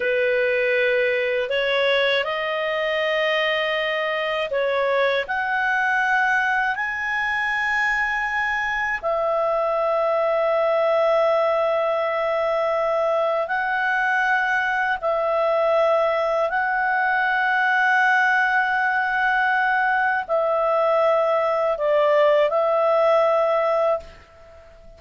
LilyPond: \new Staff \with { instrumentName = "clarinet" } { \time 4/4 \tempo 4 = 80 b'2 cis''4 dis''4~ | dis''2 cis''4 fis''4~ | fis''4 gis''2. | e''1~ |
e''2 fis''2 | e''2 fis''2~ | fis''2. e''4~ | e''4 d''4 e''2 | }